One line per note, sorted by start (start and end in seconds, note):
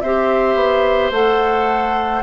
0.00 0.55 C4
0.00 1.13 G4
0.00 2.22 C5
0.00 1.11 E5
0.55 1.10 B3
1.11 2.22 A3
1.11 2.22 A4
1.11 2.22 F#5